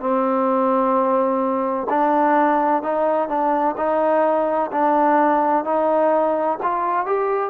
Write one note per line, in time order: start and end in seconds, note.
0.00 1.87 C4
1.90 2.83 D4
2.83 3.29 D#4
3.29 3.76 D4
3.77 4.71 D#4
4.72 5.65 D4
5.65 6.58 D#4
6.63 7.06 F4
7.06 7.50 G4